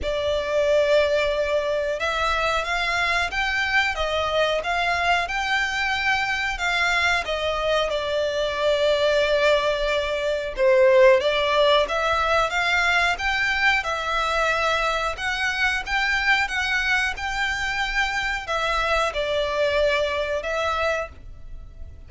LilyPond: \new Staff \with { instrumentName = "violin" } { \time 4/4 \tempo 4 = 91 d''2. e''4 | f''4 g''4 dis''4 f''4 | g''2 f''4 dis''4 | d''1 |
c''4 d''4 e''4 f''4 | g''4 e''2 fis''4 | g''4 fis''4 g''2 | e''4 d''2 e''4 | }